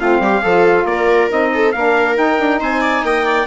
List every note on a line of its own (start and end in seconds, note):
0.00 0.20 A3
0.00 0.44 C4
0.00 0.22 F4
0.00 0.86 F5
0.20 0.41 G3
0.20 0.42 G4
0.42 0.85 F3
0.42 1.29 F4
0.42 0.86 A4
0.85 1.28 A#3
0.85 1.53 A#4
0.85 1.30 D5
1.29 1.75 C4
1.29 1.73 D#4
1.29 1.72 D#5
1.54 1.75 A4
1.72 2.18 A#3
1.72 2.15 D4
1.72 2.60 A#4
1.72 2.15 F5
2.15 3.45 D#4
2.15 2.39 D#4
2.15 2.61 G5
2.39 2.61 D4
2.60 3.03 C4
2.60 2.81 C5
2.60 3.05 G#5
2.81 3.03 D5
3.03 3.47 A#3
3.03 3.25 D#5
3.03 3.47 G5
3.25 3.47 D5